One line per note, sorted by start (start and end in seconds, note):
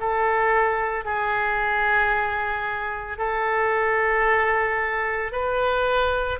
0.00 1.05 A4
1.05 3.19 G#4
3.19 5.32 A4
5.32 6.39 B4